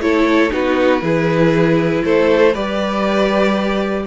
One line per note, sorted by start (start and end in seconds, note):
0.00 0.50 A3
0.00 0.50 E4
0.00 0.53 A4
0.00 0.52 C#5
0.50 1.02 B3
0.50 1.00 D#4
0.50 1.03 F#4
0.50 2.04 B4
1.01 2.03 E3
1.01 2.52 E4
1.01 2.04 G#4
2.05 2.55 A3
2.05 2.53 A4
2.05 2.55 C5
2.53 4.06 G3
2.53 4.06 G4
2.53 4.04 B4
2.53 4.06 D5